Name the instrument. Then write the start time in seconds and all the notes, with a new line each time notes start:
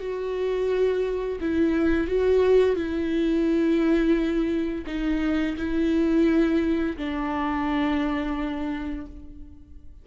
viola
0.00 F#4
1.41 E4
2.08 F#4
2.76 E4
4.87 D#4
5.58 E4
6.97 D4